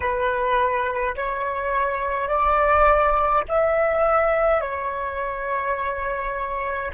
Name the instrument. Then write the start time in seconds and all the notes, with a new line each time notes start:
flute
0.00 B4
1.15 C#5
2.28 D5
3.48 E5
4.60 C#5